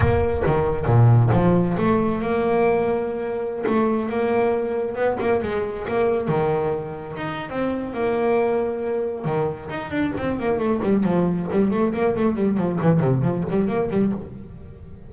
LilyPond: \new Staff \with { instrumentName = "double bass" } { \time 4/4 \tempo 4 = 136 ais4 dis4 ais,4 f4 | a4 ais2.~ | ais16 a4 ais2 b8 ais16~ | ais16 gis4 ais4 dis4.~ dis16~ |
dis16 dis'8. c'4 ais2~ | ais4 dis4 dis'8 d'8 c'8 ais8 | a8 g8 f4 g8 a8 ais8 a8 | g8 f8 e8 c8 f8 g8 ais8 g8 | }